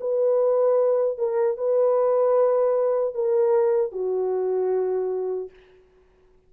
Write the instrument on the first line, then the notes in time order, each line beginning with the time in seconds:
horn
0.00 B4
1.18 A#4
1.57 B4
3.14 A#4
3.92 F#4